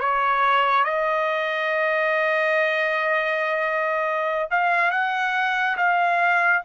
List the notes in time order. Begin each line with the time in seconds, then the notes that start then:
0.00 C#5
0.84 D#5
4.50 F5
4.91 F#5
5.77 F5